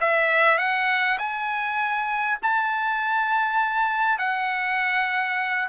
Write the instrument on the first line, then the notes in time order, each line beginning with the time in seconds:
trumpet
0.00 E5
0.58 F#5
1.18 G#5
2.42 A5
4.18 F#5